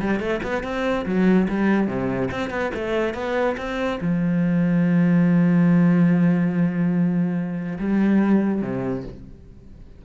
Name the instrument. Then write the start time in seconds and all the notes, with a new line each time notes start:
cello
0.00 G3
0.20 A3
0.43 B3
0.64 C4
1.06 F#3
1.48 G3
1.87 C3
2.31 C4
2.50 B3
2.75 A3
3.14 B3
3.57 C4
4.01 F3
7.79 G3
8.62 C3